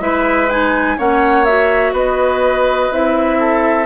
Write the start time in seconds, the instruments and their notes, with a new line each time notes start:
0.00 bassoon G#3, clarinet E4, oboe B4, flute E5
0.50 clarinet D#4, flute G#5
0.98 bassoon A#3, clarinet C#4, oboe C#5, flute F#5
1.45 clarinet F#4, flute E5
1.93 bassoon B3, oboe B4, flute D#5
2.91 bassoon C4, clarinet E4, flute E5
3.39 oboe A4